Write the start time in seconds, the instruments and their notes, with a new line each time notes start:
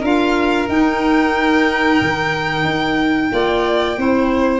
0.00 tuba D4, clarinet F4, violin A#4 F5
0.68 tuba D#4, clarinet D#4, violin G5
2.01 tuba D#3
2.64 tuba D#4
3.31 tuba A#3, clarinet F4, violin D5
3.97 tuba C4, clarinet E4, violin C5